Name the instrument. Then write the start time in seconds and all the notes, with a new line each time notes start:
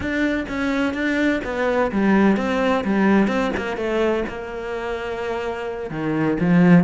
cello
0.00 D4
0.48 C#4
0.93 D4
1.43 B3
1.91 G3
2.36 C4
2.84 G3
3.27 C4
3.56 A#3
3.76 A3
4.28 A#3
5.90 D#3
6.40 F3